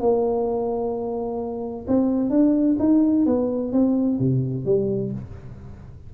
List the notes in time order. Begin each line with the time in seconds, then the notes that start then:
0.00 A#3
1.88 C4
2.30 D4
2.79 D#4
3.26 B3
3.73 C4
4.19 C3
4.66 G3